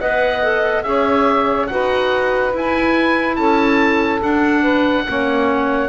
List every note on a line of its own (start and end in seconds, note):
0.00 0.84 B3
0.00 0.42 B4
0.00 0.85 D#5
0.00 0.83 F#5
0.43 0.84 A4
0.83 1.68 C#4
0.83 1.68 G#4
0.83 1.70 C#5
0.83 1.67 E5
1.67 2.53 D#4
1.67 2.52 F#4
1.67 3.37 B4
1.67 2.52 F#5
2.52 4.21 E4
2.52 3.37 E4
2.52 3.36 G#5
3.36 4.22 C#4
3.36 4.62 A4
3.36 4.20 A5
4.21 5.05 D4
4.21 5.07 D4
4.21 5.89 F#5
4.62 5.04 B4
5.07 5.89 A#3
5.07 5.89 C#4
5.07 5.89 C#5